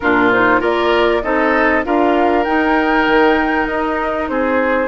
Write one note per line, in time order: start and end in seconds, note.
0.00 0.60 A#2
0.00 0.32 D4
0.00 0.60 F4
0.00 0.30 A#4
0.31 0.60 D#4
0.31 0.62 C5
0.60 1.22 A#3
0.60 1.21 F4
0.60 1.21 A#4
0.60 1.22 D5
1.22 1.85 C4
1.22 1.83 D#4
1.22 1.85 A4
1.22 1.84 D#5
1.83 2.46 D4
1.83 2.45 F4
1.83 4.30 A#4
1.83 2.44 F5
2.44 4.87 D#4
2.44 3.07 D#4
2.44 3.66 G5
3.07 3.68 D#3
3.66 4.29 D#4
3.66 4.27 D#5
4.28 4.87 C4
4.28 4.87 G#4
4.28 4.87 C5